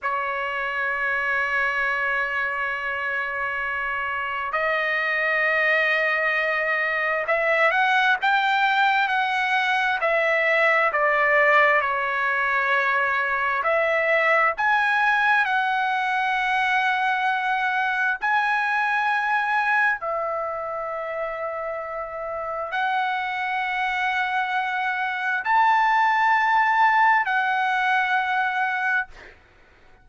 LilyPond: \new Staff \with { instrumentName = "trumpet" } { \time 4/4 \tempo 4 = 66 cis''1~ | cis''4 dis''2. | e''8 fis''8 g''4 fis''4 e''4 | d''4 cis''2 e''4 |
gis''4 fis''2. | gis''2 e''2~ | e''4 fis''2. | a''2 fis''2 | }